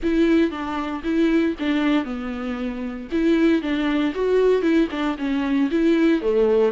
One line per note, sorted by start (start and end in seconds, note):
0.02 0.50 E4
0.50 1.02 D4
1.03 1.55 E4
1.59 2.04 D4
2.04 3.08 B3
3.11 3.62 E4
3.62 4.13 D4
4.14 4.62 F#4
4.62 4.88 E4
4.90 5.16 D4
5.17 5.69 C#4
5.70 6.21 E4
6.21 6.72 A3